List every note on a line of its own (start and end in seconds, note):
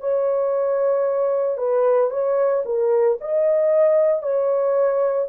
0.00 1.58 C#5
1.58 2.11 B4
2.11 2.63 C#5
2.65 3.18 A#4
3.21 4.23 D#5
4.23 5.28 C#5